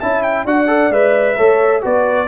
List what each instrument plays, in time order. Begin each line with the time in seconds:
0.00 tuba C#4, trombone E4, horn E5, trumpet A5
0.23 trumpet G5
0.45 tuba D4, trombone F#4, horn D5, trumpet F#5
0.67 trombone A4
0.90 tuba G#3, trombone B4, trumpet E5
1.36 tuba A3, trombone A4, horn C#5
1.82 tuba B3, trombone F#4, horn B4, trumpet D5